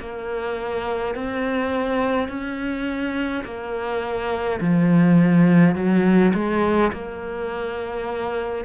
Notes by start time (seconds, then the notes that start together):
0.00 A#3
1.15 C4
2.29 C#4
3.45 A#3
4.60 F3
5.75 F#3
6.34 G#3
6.92 A#3